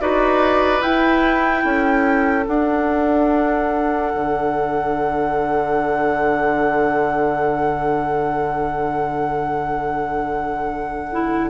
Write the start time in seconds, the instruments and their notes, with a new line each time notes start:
0.00 bassoon D#4, clarinet F#4, oboe B4, flute D5
0.82 clarinet E4, bassoon E4, flute G5
1.64 bassoon C#4, oboe A4
2.46 clarinet D4, bassoon D4, flute F#5
4.15 bassoon D3
11.12 clarinet E4